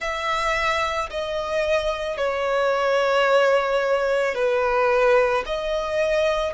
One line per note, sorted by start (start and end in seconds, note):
0.00 1.09 E5
1.10 2.17 D#5
2.17 4.34 C#5
4.34 5.43 B4
5.45 6.53 D#5